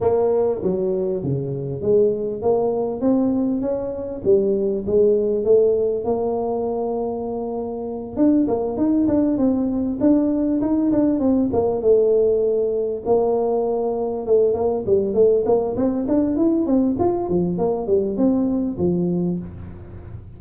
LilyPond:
\new Staff \with { instrumentName = "tuba" } { \time 4/4 \tempo 4 = 99 ais4 fis4 cis4 gis4 | ais4 c'4 cis'4 g4 | gis4 a4 ais2~ | ais4. d'8 ais8 dis'8 d'8 c'8~ |
c'8 d'4 dis'8 d'8 c'8 ais8 a8~ | a4. ais2 a8 | ais8 g8 a8 ais8 c'8 d'8 e'8 c'8 | f'8 f8 ais8 g8 c'4 f4 | }